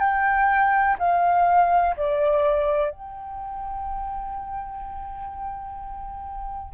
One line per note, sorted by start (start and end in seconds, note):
0.00 0.97 G5
0.99 1.96 F5
1.97 2.91 D5
2.91 6.74 G5